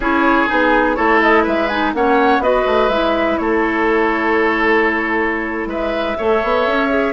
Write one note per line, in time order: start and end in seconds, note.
0.00 0.46 C#4
0.00 0.47 E4
0.00 0.96 G#4
0.00 0.47 C#5
0.47 0.98 B3
0.47 0.95 D#4
0.47 0.95 G#4
0.95 1.46 A3
0.95 1.68 E4
0.95 1.43 A4
0.95 1.19 C#5
1.21 1.45 D#5
1.43 1.94 G#3
1.43 1.91 B4
1.43 1.68 E5
1.68 1.94 D#4
1.68 1.92 G#5
1.94 2.39 A#3
1.94 2.42 C#4
1.94 2.43 C#5
1.94 2.42 F#5
2.39 2.63 B3
2.39 2.90 F#4
2.39 3.39 B4
2.39 2.89 D#5
2.66 2.89 A3
2.89 3.37 G#3
2.89 6.18 E4
2.89 3.37 E5
3.37 5.66 A3
3.37 5.68 A4
3.37 5.67 C#5
5.66 6.14 G#3
5.66 6.17 B4
5.66 7.13 E5
6.17 6.43 A3
6.17 6.89 A4
6.17 7.13 C#5
6.43 6.66 B3
6.66 7.13 C#4
6.89 7.13 G#4